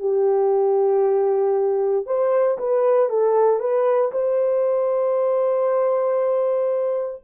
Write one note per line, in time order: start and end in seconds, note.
0.00 2.06 G4
2.06 2.58 C5
2.59 3.09 B4
3.09 3.60 A4
3.60 4.12 B4
4.12 7.23 C5